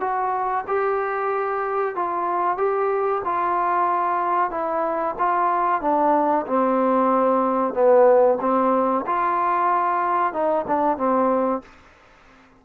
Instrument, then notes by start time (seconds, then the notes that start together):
trombone
0.00 F#4
0.67 G4
1.95 F4
2.57 G4
3.24 F4
4.50 E4
5.18 F4
5.81 D4
6.46 C4
7.73 B3
8.40 C4
9.06 F4
10.33 D#4
10.67 D4
10.97 C4